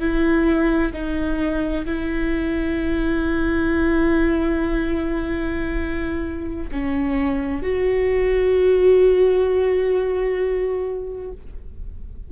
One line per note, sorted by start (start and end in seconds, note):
0.00 0.92 E4
0.93 1.85 D#4
1.86 6.70 E4
6.72 7.63 C#4
7.63 11.32 F#4